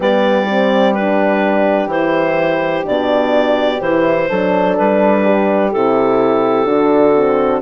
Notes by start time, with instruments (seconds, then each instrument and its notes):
0.00 bassoon G3, horn B3 G4, clarinet D5
0.49 horn C4
0.93 horn D4, clarinet B4
1.87 bassoon E3, horn E4, clarinet C5
2.83 bassoon B2, horn D4, clarinet D5
3.81 bassoon E3, horn E4, clarinet C5
4.29 bassoon F#3, horn D4 A4
4.77 bassoon G3, clarinet B4
5.24 horn G4
5.71 bassoon C3, horn E4, clarinet A4
6.65 bassoon D3, horn D4 F#4
7.15 horn C4